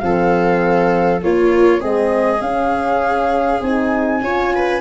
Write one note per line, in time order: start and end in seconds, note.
0.00 1.23 F3
0.00 1.21 C4
0.00 1.24 A4
0.00 1.20 F5
1.21 1.78 A#3
1.21 1.83 A#3
1.21 1.80 F4
1.21 1.82 C#5
1.78 2.41 G#3
1.78 2.38 C4
1.78 4.20 G#4
1.78 2.41 D#5
2.41 3.60 C#4
2.41 3.63 C#4
2.41 3.61 F5
3.61 4.21 C4
3.61 4.22 D#4
3.61 4.80 G#5
4.21 4.80 C#4
4.21 4.80 F4
4.21 4.54 C#5
4.55 4.80 B4